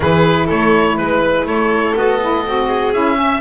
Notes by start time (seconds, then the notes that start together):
0.00 E3 E4 G#4 B4
0.46 A3 A4 C#5
0.97 G#3 B4
1.45 A3 A4 C#5
1.95 B3 F#4 D#5
2.20 E4
2.45 C4 F#4
2.66 G#4
2.93 C#4 E4 E5
3.16 C#4 E5